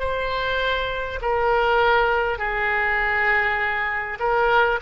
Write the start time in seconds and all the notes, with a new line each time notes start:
0.00 C5
1.22 A#4
2.38 G#4
4.20 A#4